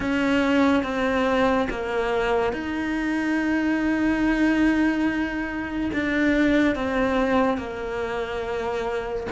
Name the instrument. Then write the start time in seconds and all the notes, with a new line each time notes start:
cello
0.00 C#4
0.83 C4
1.69 A#3
2.52 D#4
5.93 D4
6.75 C4
7.57 A#3